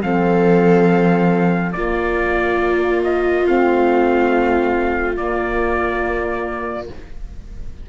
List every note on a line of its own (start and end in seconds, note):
0.00 1.74 F3
0.00 1.71 C4
0.00 1.75 A4
0.00 1.72 F5
1.72 3.44 A#3
1.72 3.46 A#3
1.72 6.89 F4
1.72 3.01 D5
3.03 3.46 D#5
3.44 5.17 A3
3.44 5.16 C4
3.44 5.16 F5
5.16 6.87 A#3
5.16 6.88 A#3
5.16 6.88 D5